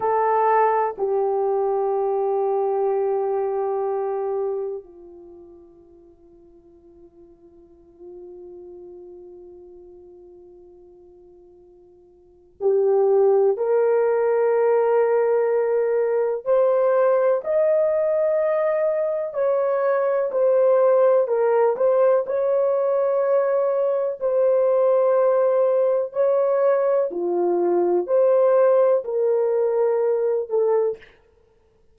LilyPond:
\new Staff \with { instrumentName = "horn" } { \time 4/4 \tempo 4 = 62 a'4 g'2.~ | g'4 f'2.~ | f'1~ | f'4 g'4 ais'2~ |
ais'4 c''4 dis''2 | cis''4 c''4 ais'8 c''8 cis''4~ | cis''4 c''2 cis''4 | f'4 c''4 ais'4. a'8 | }